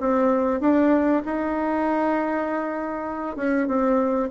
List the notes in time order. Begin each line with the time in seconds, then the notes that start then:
0.00 C4
0.60 D4
1.25 D#4
3.37 C#4
3.68 C4